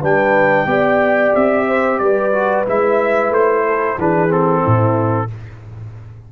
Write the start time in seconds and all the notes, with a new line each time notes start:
0.00 G3 D4 B4 G5
0.66 B3 G4 D5
1.35 C4 E5
1.67 C5
1.98 G3 B4 D5
2.32 F#4
2.66 G#3 E4 E5
3.29 A3 C5
3.66 A4
3.98 E3 D4 G#4 B4
4.28 C4 A4
4.61 A2 E4